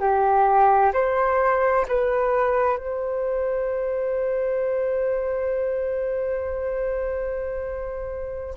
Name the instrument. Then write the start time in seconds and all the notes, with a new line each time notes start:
flute
0.00 G4
0.94 C5
1.88 B4
2.78 C5